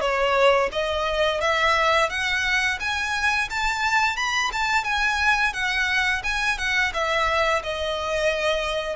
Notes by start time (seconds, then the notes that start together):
0.00 C#5
0.72 D#5
1.40 E5
2.09 F#5
2.79 G#5
3.50 A5
4.16 B5
4.52 A5
4.84 G#5
5.53 F#5
6.23 G#5
6.58 F#5
6.93 E5
7.63 D#5